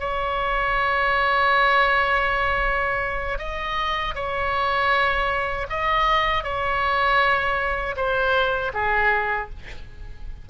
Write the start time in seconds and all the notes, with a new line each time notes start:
0.00 C#5
3.39 D#5
4.15 C#5
5.70 D#5
6.44 C#5
7.96 C5
8.74 G#4